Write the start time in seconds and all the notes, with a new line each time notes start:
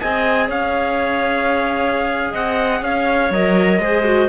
0.00 C4 G#4 D#5 G#5
0.47 C#4 C#5 F5
2.30 C4 D#5 F#5
2.81 C#4 C#5 F5
3.30 F#3 A#4 D#5
3.79 G#3 G#4 C5
4.04 F#4